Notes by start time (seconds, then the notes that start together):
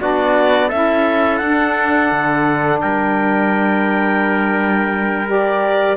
0.00 B3 D4 F#4 D5
0.67 C#4 E4 A4 E5
1.37 D4 F#5
2.11 D3
2.80 G3 A#4 G5
5.26 G4 D5